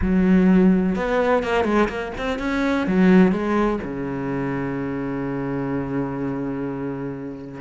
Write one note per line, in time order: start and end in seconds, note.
0.01 0.95 F#3
0.95 1.43 B3
1.43 1.64 A#3
1.64 1.88 G#3
1.88 2.12 A#3
2.17 2.39 C4
2.39 2.86 C#4
2.86 3.32 F#3
3.32 3.79 G#3
3.83 7.60 C#3